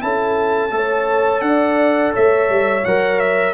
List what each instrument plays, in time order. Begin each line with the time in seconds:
0.00 tuba C#4, trombone E4, horn A4, trumpet A5
0.71 tuba A3, trombone A4, horn C#5
1.42 tuba D4, horn D5, trumpet F#5
2.14 tuba A3, horn C#5, trumpet E5
2.50 tuba G3
2.85 tuba F#3, trombone A#4, trumpet F#5
3.20 trumpet E5